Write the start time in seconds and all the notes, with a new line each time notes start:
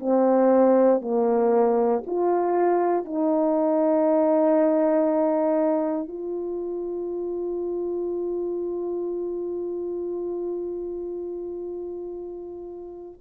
0.00 C4
1.01 A#3
2.06 F4
3.05 D#4
6.08 F4